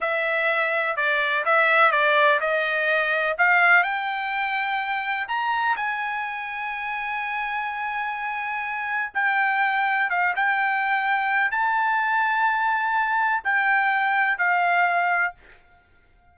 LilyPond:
\new Staff \with { instrumentName = "trumpet" } { \time 4/4 \tempo 4 = 125 e''2 d''4 e''4 | d''4 dis''2 f''4 | g''2. ais''4 | gis''1~ |
gis''2. g''4~ | g''4 f''8 g''2~ g''8 | a''1 | g''2 f''2 | }